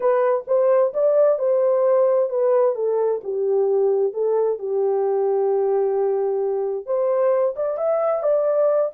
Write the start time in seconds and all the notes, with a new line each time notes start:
0.00 B4
0.47 C5
0.93 D5
1.39 C5
2.29 B4
2.75 A4
3.23 G4
4.13 A4
4.58 G4
6.86 C5
7.56 D5
7.77 E5
8.22 D5